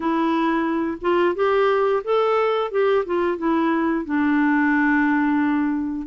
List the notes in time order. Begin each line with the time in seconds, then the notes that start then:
0.00 E4
1.01 F4
1.35 G4
2.04 A4
2.71 G4
3.05 F4
3.37 E4
4.04 D4